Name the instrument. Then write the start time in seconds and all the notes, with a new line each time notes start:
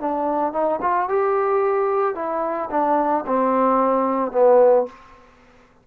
trombone
0.00 D4
0.53 D#4
0.82 F4
1.09 G4
2.15 E4
2.71 D4
3.27 C4
4.32 B3